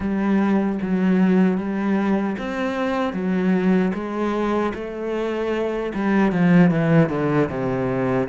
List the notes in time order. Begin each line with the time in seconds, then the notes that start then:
0.00 G3
0.81 F#3
1.57 G3
2.38 C4
3.13 F#3
3.93 G#3
4.74 A3
5.94 G3
6.32 F3
6.71 E3
7.09 D3
7.49 C3